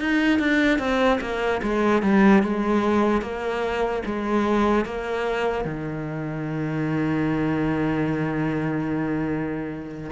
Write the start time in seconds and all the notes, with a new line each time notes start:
0.00 D#4
0.39 D4
0.79 C4
1.21 A#3
1.63 G#3
2.03 G3
2.43 G#3
3.22 A#3
4.06 G#3
4.86 A#3
5.65 D#3